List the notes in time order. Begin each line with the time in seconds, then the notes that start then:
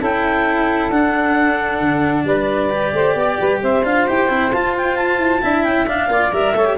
0.00 C#4 E4 A4 G5
0.91 D4 F#5
1.81 D3
2.25 G3 B4 D5
2.70 G4
2.93 A3 C5
3.15 B3 D5
3.39 G3 B4
3.62 C4 C5 E5
3.84 D4 F4 F5
4.07 E4 G4 G5
4.29 C4 E4
4.53 F4 A5
4.77 G5
4.97 A5
5.18 E4
5.42 D4 E4 E5
5.64 C#4 G5
5.87 D4 F5
6.08 A#3 F4 D5
6.32 G3 A#4 E5
6.54 A3 A4 C#5
6.65 G4